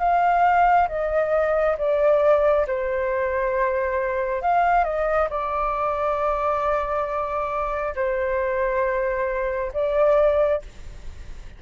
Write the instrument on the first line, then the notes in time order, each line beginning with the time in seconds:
flute
0.00 F5
0.89 D#5
1.78 D5
2.68 C5
4.42 F5
4.84 D#5
5.30 D5
7.96 C5
9.74 D5